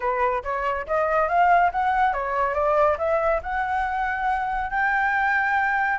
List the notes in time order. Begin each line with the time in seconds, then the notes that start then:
0.00 B4
0.43 C#5
0.86 D#5
1.28 F5
1.71 F#5
2.13 C#5
2.54 D5
2.98 E5
3.42 F#5
4.70 G5